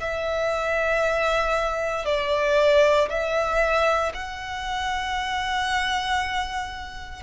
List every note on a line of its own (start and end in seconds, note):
0.00 2.05 E5
2.05 3.08 D5
3.09 4.12 E5
4.13 7.22 F#5